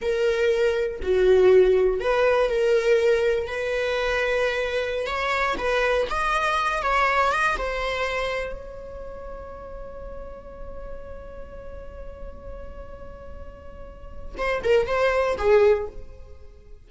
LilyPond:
\new Staff \with { instrumentName = "viola" } { \time 4/4 \tempo 4 = 121 ais'2 fis'2 | b'4 ais'2 b'4~ | b'2~ b'16 cis''4 b'8.~ | b'16 dis''4. cis''4 dis''8 c''8.~ |
c''4~ c''16 cis''2~ cis''8.~ | cis''1~ | cis''1~ | cis''4 c''8 ais'8 c''4 gis'4 | }